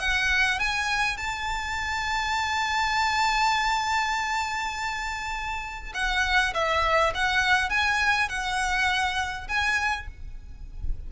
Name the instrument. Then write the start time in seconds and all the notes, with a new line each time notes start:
violin
0.00 F#5
0.60 G#5
1.17 A5
5.94 F#5
6.54 E5
7.15 F#5
7.70 G#5
8.29 F#5
9.48 G#5